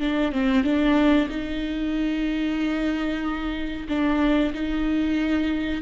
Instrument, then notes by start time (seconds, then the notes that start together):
viola
0.00 D4
0.32 C4
0.64 D4
1.29 D#4
3.89 D4
4.54 D#4